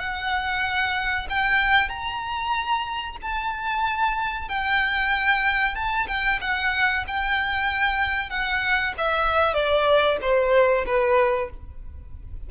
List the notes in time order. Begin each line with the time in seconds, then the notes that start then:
0.00 F#5
1.30 G5
1.89 A#5
3.22 A5
4.49 G5
5.76 A5
6.08 G5
6.41 F#5
7.08 G5
8.30 F#5
8.98 E5
9.54 D5
10.22 C5
10.86 B4